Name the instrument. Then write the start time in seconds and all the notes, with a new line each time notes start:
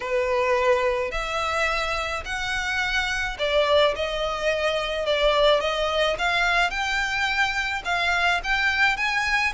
violin
0.00 B4
1.11 E5
2.25 F#5
3.38 D5
3.95 D#5
5.06 D5
5.60 D#5
6.18 F5
6.70 G5
7.85 F5
8.43 G5
8.96 G#5